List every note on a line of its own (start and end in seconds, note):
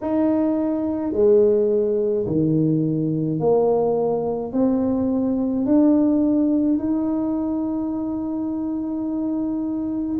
0.01 1.12 D#4
1.12 2.25 G#3
2.26 3.40 D#3
3.40 4.52 A#3
4.52 5.65 C4
5.65 6.78 D4
6.78 10.17 D#4